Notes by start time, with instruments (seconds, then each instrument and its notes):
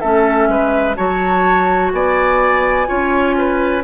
0.00 bassoon A3, clarinet C#4, oboe A4, flute E5
0.48 bassoon G#3, oboe B4
0.96 bassoon F#3, clarinet F#4, oboe C#5, flute A5
1.93 bassoon B3, oboe D5, flute G#5
2.87 bassoon C#4, clarinet F4, oboe C#5
3.38 oboe B4